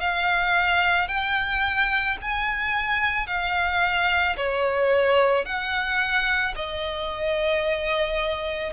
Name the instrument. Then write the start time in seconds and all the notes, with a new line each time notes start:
violin
0.00 F5
1.08 G5
2.22 G#5
3.27 F5
4.37 C#5
5.45 F#5
6.56 D#5